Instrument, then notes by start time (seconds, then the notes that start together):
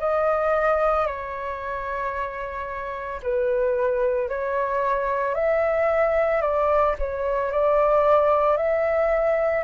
flute
0.00 D#5
1.07 C#5
3.22 B4
4.29 C#5
5.35 E5
6.41 D5
6.98 C#5
7.51 D5
8.57 E5